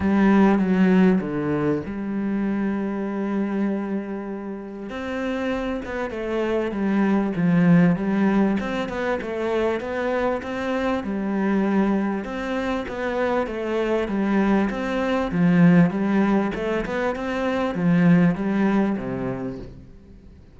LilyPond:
\new Staff \with { instrumentName = "cello" } { \time 4/4 \tempo 4 = 98 g4 fis4 d4 g4~ | g1 | c'4. b8 a4 g4 | f4 g4 c'8 b8 a4 |
b4 c'4 g2 | c'4 b4 a4 g4 | c'4 f4 g4 a8 b8 | c'4 f4 g4 c4 | }